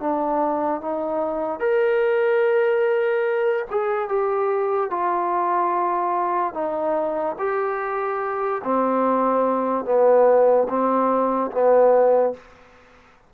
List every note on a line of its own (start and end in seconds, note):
0.00 0.81 D4
0.81 1.60 D#4
1.60 3.65 A#4
3.71 4.09 G#4
4.09 4.90 G4
4.90 6.54 F4
6.54 7.36 D#4
7.38 8.62 G4
8.64 9.85 C4
9.85 10.67 B3
10.69 11.51 C4
11.51 12.33 B3